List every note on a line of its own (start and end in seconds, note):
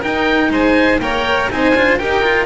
0.00 1.01 D#4
0.00 0.50 D#4
0.00 0.49 A#4
0.00 0.52 G5
0.50 0.99 G#3
0.50 1.01 C5
0.50 1.01 G#5
0.99 1.49 A#3
0.99 1.50 A#4
0.99 1.51 C#5
0.99 1.50 G5
1.50 1.75 C4
1.50 1.75 D#4
1.50 1.99 C5
1.50 1.99 G#5
1.75 1.99 D4
1.75 2.00 F4
1.99 2.46 D#4
1.99 2.23 G4
1.99 2.46 A#4
1.99 2.46 G5
2.23 2.46 F4